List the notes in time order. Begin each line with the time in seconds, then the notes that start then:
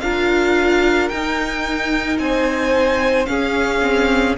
0.00 D4 F4 A#4 F5
1.08 D#4 G5
2.18 C4 C5 G#5
3.26 C#4 G#4 F5
3.82 C4